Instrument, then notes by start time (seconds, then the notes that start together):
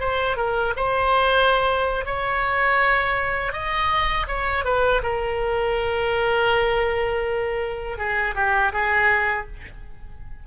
oboe
0.00 C5
0.37 A#4
0.76 C5
2.06 C#5
3.53 D#5
4.28 C#5
4.65 B4
5.03 A#4
7.98 G#4
8.35 G4
8.73 G#4